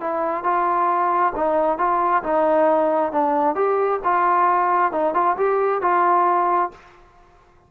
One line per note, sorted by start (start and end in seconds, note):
0.00 0.43 E4
0.43 1.33 F4
1.35 1.78 D#4
1.78 2.22 F4
2.23 3.12 D#4
3.12 3.55 D4
3.55 4.00 G4
4.04 4.92 F4
4.92 5.14 D#4
5.14 5.36 F4
5.37 5.81 G4
5.81 6.71 F4